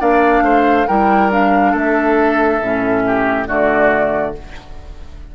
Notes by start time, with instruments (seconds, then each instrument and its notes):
0.00 bassoon A#3, clarinet D4, oboe D5, flute F5
0.42 bassoon A3, oboe C5
0.87 bassoon G3, clarinet E4, oboe A#4, flute G5
1.31 clarinet D4, flute F5
1.72 bassoon A3, oboe A4, flute E5
2.62 bassoon A2, clarinet C#4
3.07 oboe G4
3.46 bassoon D3, clarinet A3, oboe F#4, flute D5